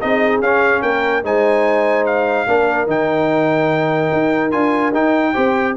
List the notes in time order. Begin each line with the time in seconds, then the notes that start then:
0.00 C4 D#4 G#4 D#5
0.40 C#4 F5
0.82 A#3 A#4 G5
1.23 G#3 D#4 C5 G#5
2.05 F5
2.47 A#3 D4 A#4
2.86 D#3 D#4 G5
4.13 D#4
4.51 D4 F4 G#5
4.92 D#4 G5
5.33 C4 G4 C5